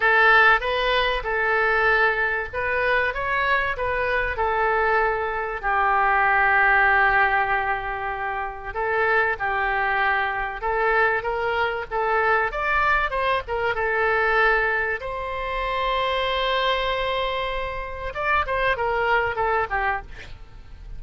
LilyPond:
\new Staff \with { instrumentName = "oboe" } { \time 4/4 \tempo 4 = 96 a'4 b'4 a'2 | b'4 cis''4 b'4 a'4~ | a'4 g'2.~ | g'2 a'4 g'4~ |
g'4 a'4 ais'4 a'4 | d''4 c''8 ais'8 a'2 | c''1~ | c''4 d''8 c''8 ais'4 a'8 g'8 | }